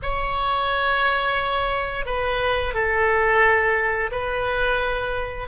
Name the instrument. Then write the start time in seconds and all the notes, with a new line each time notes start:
oboe
0.02 C#5
2.05 B4
2.74 A4
4.11 B4